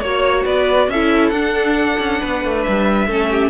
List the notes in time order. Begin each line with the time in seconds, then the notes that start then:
0.00 A#3 F#4 C#5
0.45 B3 B4 D5
0.88 C#4 E4 A4 E5
1.29 D4 F#5
1.99 C#4
2.21 B3 B4
2.45 A3
2.63 G3 E5
3.07 A3 C#4 A4
3.31 G4